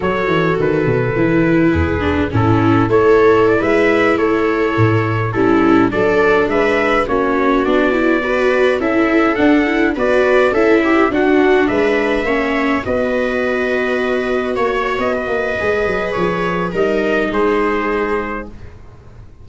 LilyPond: <<
  \new Staff \with { instrumentName = "trumpet" } { \time 4/4 \tempo 4 = 104 cis''4 b'2. | a'4 cis''4 d''16 e''4 cis''8.~ | cis''4~ cis''16 a'4 d''4 e''8.~ | e''16 cis''4 d''2 e''8.~ |
e''16 fis''4 d''4 e''4 fis''8.~ | fis''16 e''2 dis''4.~ dis''16~ | dis''4~ dis''16 cis''8. dis''2 | cis''4 dis''4 c''2 | }
  \new Staff \with { instrumentName = "viola" } { \time 4/4 a'2. gis'4 | e'4 a'4~ a'16 b'4 a'8.~ | a'4~ a'16 e'4 a'4 b'8.~ | b'16 fis'2 b'4 a'8.~ |
a'4~ a'16 b'4 a'8 g'8 fis'8.~ | fis'16 b'4 cis''4 b'4.~ b'16~ | b'4~ b'16 cis''4 b'4.~ b'16~ | b'4 ais'4 gis'2 | }
  \new Staff \with { instrumentName = "viola" } { \time 4/4 fis'2 e'4. d'8 | cis'4 e'2.~ | e'4~ e'16 cis'4 d'4.~ d'16~ | d'16 cis'4 d'8 e'8 fis'4 e'8.~ |
e'16 d'8 e'8 fis'4 e'4 d'8.~ | d'4~ d'16 cis'4 fis'4.~ fis'16~ | fis'2. gis'4~ | gis'4 dis'2. | }
  \new Staff \with { instrumentName = "tuba" } { \time 4/4 fis8 e8 dis8 b,8 e4 e,4 | a,4 a4~ a16 gis4 a8.~ | a16 a,4 g4 fis4 gis8.~ | gis16 ais4 b2 cis'8.~ |
cis'16 d'4 b4 cis'4 d'8.~ | d'16 gis4 ais4 b4.~ b16~ | b4~ b16 ais8. b8 ais8 gis8 fis8 | f4 g4 gis2 | }
>>